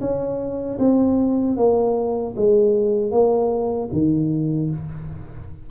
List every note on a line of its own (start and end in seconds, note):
0.00 0.78 C#4
0.78 1.56 C4
1.57 2.34 A#3
2.36 3.11 G#3
3.11 3.89 A#3
3.92 4.70 D#3